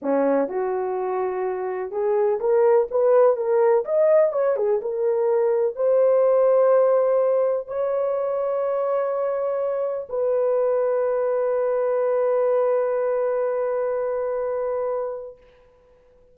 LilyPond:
\new Staff \with { instrumentName = "horn" } { \time 4/4 \tempo 4 = 125 cis'4 fis'2. | gis'4 ais'4 b'4 ais'4 | dis''4 cis''8 gis'8 ais'2 | c''1 |
cis''1~ | cis''4 b'2.~ | b'1~ | b'1 | }